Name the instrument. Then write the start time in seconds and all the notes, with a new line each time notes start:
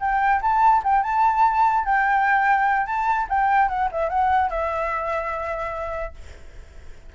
flute
0.00 G5
0.41 A5
0.83 G5
1.03 A5
1.85 G5
2.86 A5
3.29 G5
3.69 F#5
3.92 E5
4.09 F#5
4.50 E5